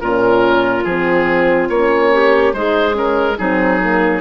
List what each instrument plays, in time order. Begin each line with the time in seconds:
0.00 bassoon A#2, horn C#4, clarinet F4, oboe A#4
0.84 bassoon F3, horn C4, oboe G#4
1.69 bassoon A#3, horn C#4, oboe C#5
2.13 clarinet G4
2.53 bassoon G#3, horn D#4, clarinet G#4, oboe C5
2.92 horn C#4, oboe A#4
3.38 bassoon F#3, horn C4, clarinet D#4, oboe G#4
3.81 horn A#3